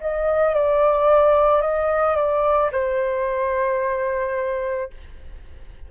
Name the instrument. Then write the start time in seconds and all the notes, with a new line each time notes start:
flute
0.00 D#5
0.54 D5
1.62 D#5
2.16 D5
2.72 C5